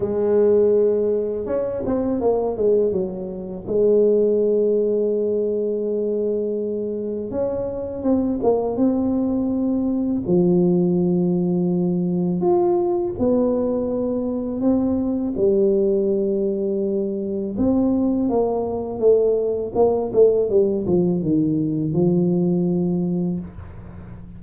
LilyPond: \new Staff \with { instrumentName = "tuba" } { \time 4/4 \tempo 4 = 82 gis2 cis'8 c'8 ais8 gis8 | fis4 gis2.~ | gis2 cis'4 c'8 ais8 | c'2 f2~ |
f4 f'4 b2 | c'4 g2. | c'4 ais4 a4 ais8 a8 | g8 f8 dis4 f2 | }